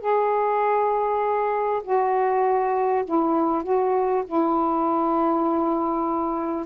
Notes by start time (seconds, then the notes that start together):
0.00 G#4
1.83 F#4
3.05 E4
3.63 F#4
4.26 E4